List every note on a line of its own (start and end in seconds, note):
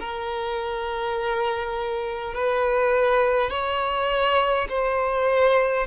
0.00 2.35 A#4
2.35 3.50 B4
3.50 4.68 C#5
4.70 5.87 C5